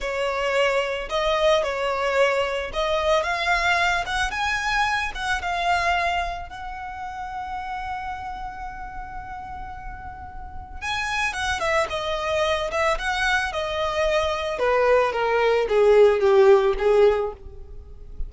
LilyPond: \new Staff \with { instrumentName = "violin" } { \time 4/4 \tempo 4 = 111 cis''2 dis''4 cis''4~ | cis''4 dis''4 f''4. fis''8 | gis''4. fis''8 f''2 | fis''1~ |
fis''1 | gis''4 fis''8 e''8 dis''4. e''8 | fis''4 dis''2 b'4 | ais'4 gis'4 g'4 gis'4 | }